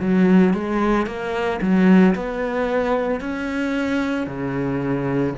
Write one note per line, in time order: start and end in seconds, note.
0.00 0.54 F#3
0.54 1.07 G#3
1.07 1.60 A#3
1.61 2.14 F#3
2.15 3.20 B3
3.20 4.27 C#4
4.27 5.34 C#3